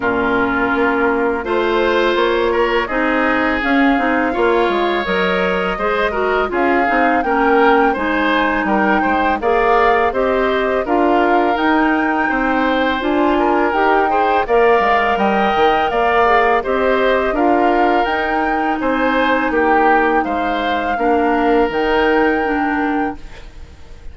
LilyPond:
<<
  \new Staff \with { instrumentName = "flute" } { \time 4/4 \tempo 4 = 83 ais'2 c''4 cis''4 | dis''4 f''2 dis''4~ | dis''4 f''4 g''4 gis''4 | g''4 f''4 dis''4 f''4 |
g''2 gis''4 g''4 | f''4 g''4 f''4 dis''4 | f''4 g''4 gis''4 g''4 | f''2 g''2 | }
  \new Staff \with { instrumentName = "oboe" } { \time 4/4 f'2 c''4. ais'8 | gis'2 cis''2 | c''8 ais'8 gis'4 ais'4 c''4 | ais'8 c''8 d''4 c''4 ais'4~ |
ais'4 c''4. ais'4 c''8 | d''4 dis''4 d''4 c''4 | ais'2 c''4 g'4 | c''4 ais'2. | }
  \new Staff \with { instrumentName = "clarinet" } { \time 4/4 cis'2 f'2 | dis'4 cis'8 dis'8 f'4 ais'4 | gis'8 fis'8 f'8 dis'8 cis'4 dis'4~ | dis'4 gis'4 g'4 f'4 |
dis'2 f'4 g'8 gis'8 | ais'2~ ais'8 gis'8 g'4 | f'4 dis'2.~ | dis'4 d'4 dis'4 d'4 | }
  \new Staff \with { instrumentName = "bassoon" } { \time 4/4 ais,4 ais4 a4 ais4 | c'4 cis'8 c'8 ais8 gis8 fis4 | gis4 cis'8 c'8 ais4 gis4 | g8 gis8 ais4 c'4 d'4 |
dis'4 c'4 d'4 dis'4 | ais8 gis8 g8 dis8 ais4 c'4 | d'4 dis'4 c'4 ais4 | gis4 ais4 dis2 | }
>>